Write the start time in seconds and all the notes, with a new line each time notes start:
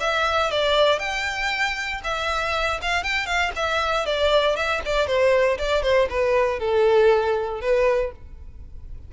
0.00 E5
0.51 D5
0.99 G5
2.03 E5
2.81 F5
3.03 G5
3.26 F5
3.55 E5
4.06 D5
4.56 E5
4.85 D5
5.07 C5
5.58 D5
5.82 C5
6.09 B4
6.59 A4
7.61 B4